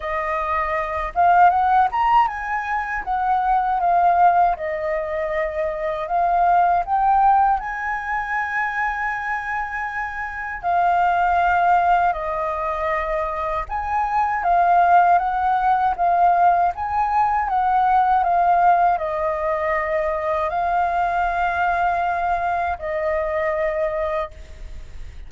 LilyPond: \new Staff \with { instrumentName = "flute" } { \time 4/4 \tempo 4 = 79 dis''4. f''8 fis''8 ais''8 gis''4 | fis''4 f''4 dis''2 | f''4 g''4 gis''2~ | gis''2 f''2 |
dis''2 gis''4 f''4 | fis''4 f''4 gis''4 fis''4 | f''4 dis''2 f''4~ | f''2 dis''2 | }